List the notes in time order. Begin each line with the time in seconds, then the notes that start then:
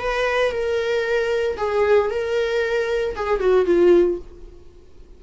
0.00 B4
0.52 A#4
1.57 G#4
2.10 A#4
3.16 G#4
3.40 F#4
3.65 F4